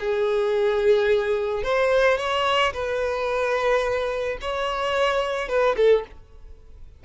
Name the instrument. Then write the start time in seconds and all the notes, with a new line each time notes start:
violin
0.00 G#4
1.63 C5
2.18 C#5
2.73 B4
4.42 C#5
5.49 B4
5.77 A4